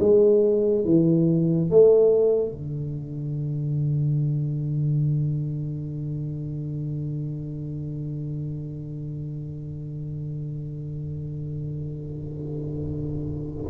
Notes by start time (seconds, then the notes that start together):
0.00 G#3
0.85 E3
1.70 A3
2.52 D3